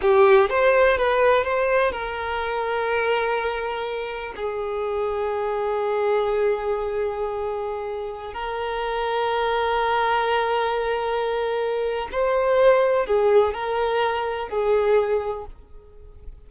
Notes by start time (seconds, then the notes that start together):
0.01 G4
0.49 C5
0.97 B4
1.44 C5
1.91 A#4
4.35 G#4
8.33 A#4
12.12 C5
13.06 G#4
13.54 A#4
14.48 G#4